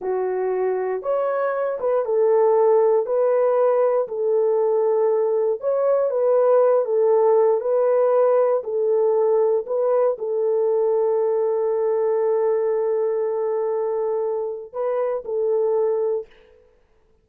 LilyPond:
\new Staff \with { instrumentName = "horn" } { \time 4/4 \tempo 4 = 118 fis'2 cis''4. b'8 | a'2 b'2 | a'2. cis''4 | b'4. a'4. b'4~ |
b'4 a'2 b'4 | a'1~ | a'1~ | a'4 b'4 a'2 | }